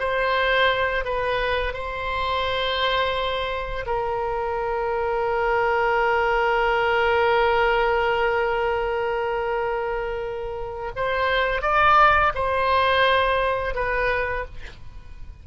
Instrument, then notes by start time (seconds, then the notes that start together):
oboe
0.00 C5
1.05 B4
1.74 C5
3.87 A#4
10.96 C5
11.62 D5
12.35 C5
13.75 B4